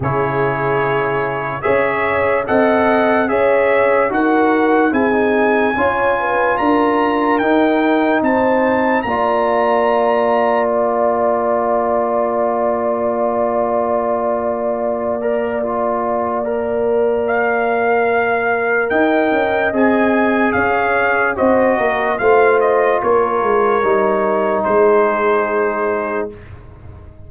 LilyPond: <<
  \new Staff \with { instrumentName = "trumpet" } { \time 4/4 \tempo 4 = 73 cis''2 e''4 fis''4 | e''4 fis''4 gis''2 | ais''4 g''4 a''4 ais''4~ | ais''4 d''2.~ |
d''1~ | d''4 f''2 g''4 | gis''4 f''4 dis''4 f''8 dis''8 | cis''2 c''2 | }
  \new Staff \with { instrumentName = "horn" } { \time 4/4 gis'2 cis''4 dis''4 | cis''4 ais'4 gis'4 cis''8 b'8 | ais'2 c''4 d''4~ | d''1~ |
d''1~ | d''2. dis''4~ | dis''4 cis''4 c''8 ais'8 c''4 | ais'2 gis'2 | }
  \new Staff \with { instrumentName = "trombone" } { \time 4/4 e'2 gis'4 a'4 | gis'4 fis'4 e'16 dis'8. f'4~ | f'4 dis'2 f'4~ | f'1~ |
f'2~ f'8 ais'8 f'4 | ais'1 | gis'2 fis'4 f'4~ | f'4 dis'2. | }
  \new Staff \with { instrumentName = "tuba" } { \time 4/4 cis2 cis'4 c'4 | cis'4 dis'4 c'4 cis'4 | d'4 dis'4 c'4 ais4~ | ais1~ |
ais1~ | ais2. dis'8 cis'8 | c'4 cis'4 c'8 ais8 a4 | ais8 gis8 g4 gis2 | }
>>